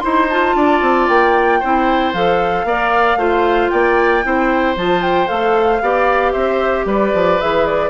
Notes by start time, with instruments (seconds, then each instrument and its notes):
0.00 bassoon D#4, clarinet E4, oboe C5, flute C6
0.29 clarinet F4, flute A5
0.56 bassoon D4, oboe D5
0.82 bassoon C4
1.08 bassoon A#3, flute G5
1.60 bassoon C4, clarinet E4, oboe C5
2.13 bassoon F3, clarinet A4, flute F5
2.64 bassoon A#3, clarinet A#4, oboe D5
3.16 bassoon A3, clarinet F4, oboe C5
3.70 bassoon A#3, oboe D5, flute G5
4.23 bassoon C4, clarinet E4, oboe C5
4.76 bassoon F3, clarinet F4, flute A5
5.02 flute G5
5.27 bassoon A3, clarinet A4, flute F5
5.82 bassoon B3, clarinet G4, oboe D5
6.33 bassoon C4, oboe C5, flute E5
6.86 bassoon G3, oboe B4, flute D5
7.14 bassoon F3
7.40 bassoon E3, clarinet G#4, flute E5
7.66 flute D5